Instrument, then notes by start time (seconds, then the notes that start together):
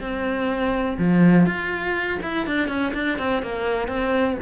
cello
0.00 C4
0.98 F3
1.46 F4
2.22 E4
2.46 D4
2.68 C#4
2.94 D4
3.18 C4
3.42 A#3
3.88 C4